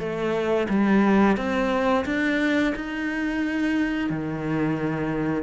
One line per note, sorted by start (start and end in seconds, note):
0.00 0.68 A3
0.69 1.37 G3
1.37 2.05 C4
2.06 2.74 D4
2.76 4.10 D#4
4.10 5.44 D#3